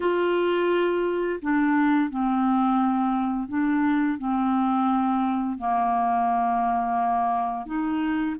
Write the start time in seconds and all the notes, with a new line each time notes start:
0.00 F4
1.42 D4
2.09 C4
3.48 D4
4.18 C4
5.58 A#3
7.66 D#4